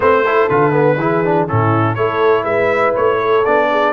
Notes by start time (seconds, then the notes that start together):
0.00 A3 C4 B4 C5
0.26 E4 A4
0.48 D3 F4 B4
0.71 B3
0.97 E3 E4 G#4
1.24 D4
1.47 A2 C#4 E4 A4
1.94 A3 E4 A4 C#5
2.43 G#3 B4 E5
2.95 A3 C#5
3.18 A4
3.44 B3 D4 D5
3.70 G#4